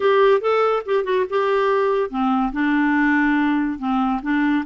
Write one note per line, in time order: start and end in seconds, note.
0.00 0.40 G4
0.40 0.83 A4
0.85 1.04 G4
1.04 1.25 F#4
1.29 2.09 G4
2.09 2.52 C4
2.52 3.78 D4
3.78 4.20 C4
4.22 4.64 D4